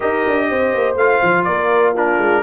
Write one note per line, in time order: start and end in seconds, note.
0.00 0.26 D#4
0.00 0.95 G4
0.00 0.46 A#4
0.00 0.96 D#5
0.26 0.50 D4
0.49 0.73 C4
0.49 1.46 C5
0.73 0.95 A#3
0.95 1.19 A3
0.95 1.96 F4
0.95 1.44 F5
1.23 1.47 F3
1.44 2.17 A#3
1.44 1.93 A#4
1.44 1.92 D5
1.93 2.42 D4
1.93 2.41 F4
1.93 2.42 A#4
2.17 2.42 G#3